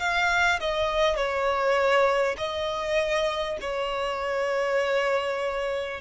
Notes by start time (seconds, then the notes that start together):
0.00 F5
0.61 D#5
1.17 C#5
2.38 D#5
3.61 C#5